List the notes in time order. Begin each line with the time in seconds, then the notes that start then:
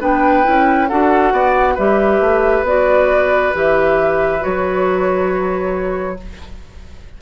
0.00 B3 D4 B4 G5
0.43 C#4 E4
0.88 D4 F#4 A4 F#5
1.32 B3 D5
1.74 G3 G4 B4 E5
2.20 A3
2.62 B3 F#4 D5
3.53 E3 G4 E5
4.40 F#3 F#4 C#5